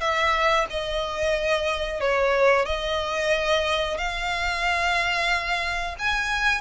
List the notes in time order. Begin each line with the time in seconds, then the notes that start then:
0.00 E5
0.70 D#5
2.00 C#5
2.65 D#5
3.97 F5
5.99 G#5